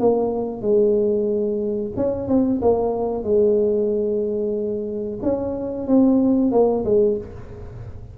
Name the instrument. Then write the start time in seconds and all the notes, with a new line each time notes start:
tuba
0.00 A#3
0.62 G#3
1.97 C#4
2.29 C4
2.62 A#3
3.24 G#3
5.23 C#4
5.88 C4
6.52 A#3
6.85 G#3